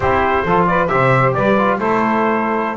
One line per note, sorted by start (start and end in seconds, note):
0.00 0.43 C4
0.00 0.47 E4
0.00 0.44 G4
0.00 0.66 C5
0.44 0.90 F3
0.44 0.87 F4
0.44 0.66 A4
0.66 0.90 B4
0.66 0.87 D5
0.87 1.35 C3
0.87 1.55 G4
0.87 1.35 C5
0.87 1.32 E5
1.34 1.78 G3
1.34 1.78 B4
1.34 1.79 D5
1.58 1.80 F4
1.78 2.76 A3
1.78 2.76 E4
1.78 2.76 A4
1.78 2.76 C5